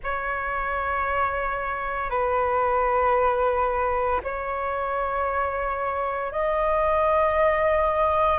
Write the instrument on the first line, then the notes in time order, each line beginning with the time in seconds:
flute
0.03 C#5
2.10 B4
4.23 C#5
6.32 D#5